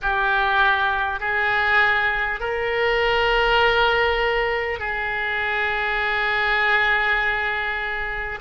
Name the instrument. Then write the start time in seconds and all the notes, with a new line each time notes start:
oboe
0.02 G4
1.19 G#4
2.39 A#4
4.79 G#4